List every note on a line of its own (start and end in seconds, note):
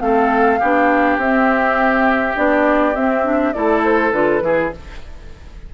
0.00 0.59 A3
0.00 0.60 C4
0.00 0.59 A4
0.00 1.18 F5
0.59 1.17 B3
0.59 1.22 D4
0.59 3.53 G4
1.17 2.35 C4
1.17 2.37 E5
2.35 2.95 B3
2.35 2.94 D4
2.35 2.95 D5
2.94 3.24 C4
2.94 3.54 C4
2.94 3.53 E5
3.24 3.53 D4
3.53 4.12 A3
3.53 4.12 E4
3.53 4.43 A4
3.53 3.82 D5
3.84 4.11 C5
4.11 4.41 D3
4.11 4.41 F4
4.11 4.70 B4
4.41 4.71 E3
4.41 4.70 E4
4.41 4.74 G#4